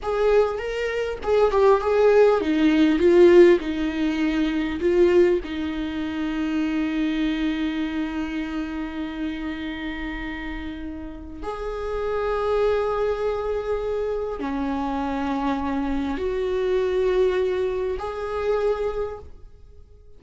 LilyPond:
\new Staff \with { instrumentName = "viola" } { \time 4/4 \tempo 4 = 100 gis'4 ais'4 gis'8 g'8 gis'4 | dis'4 f'4 dis'2 | f'4 dis'2.~ | dis'1~ |
dis'2. gis'4~ | gis'1 | cis'2. fis'4~ | fis'2 gis'2 | }